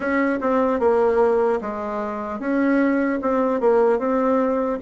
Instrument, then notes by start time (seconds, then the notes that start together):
bassoon
0.00 C#4
0.40 C4
0.79 A#3
1.61 G#3
2.39 C#4
3.21 C4
3.60 A#3
3.98 C4